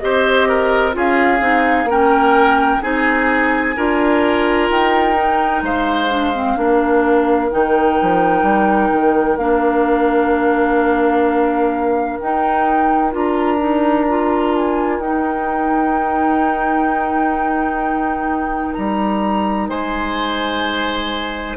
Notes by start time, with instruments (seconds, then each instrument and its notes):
0.00 bassoon C4, clarinet G4, oboe C5, flute D#5
0.49 oboe A#4
0.93 bassoon C#4, clarinet F4, oboe G#4, flute F5
1.40 bassoon C4, clarinet D#4
1.85 bassoon A#3, clarinet C#4, oboe A#4
1.91 flute G5
2.82 bassoon C4, clarinet D#4, oboe G#4, flute G#5
3.77 bassoon D4, clarinet F4, oboe A#4
4.70 bassoon D#4, flute G5
5.17 clarinet D#4
5.63 bassoon G#3, oboe C5, flute F5
6.10 clarinet D4
6.34 clarinet C4
6.57 bassoon A#3, clarinet D4, oboe A#4
7.51 bassoon D#3, clarinet D#4, flute G5
8.02 bassoon F3
8.43 bassoon G3
8.93 bassoon D#3
9.38 bassoon A#3, clarinet D4, flute F5
12.20 clarinet D#4, bassoon D#4, flute G5
13.12 bassoon D4, clarinet F4, flute A#5
13.59 clarinet D#4
14.09 clarinet F4
14.55 flute G#5
15.00 bassoon D#4, clarinet D#4, flute G5
18.74 bassoon G3, flute A#5
19.69 bassoon G#3, oboe C5, flute G#5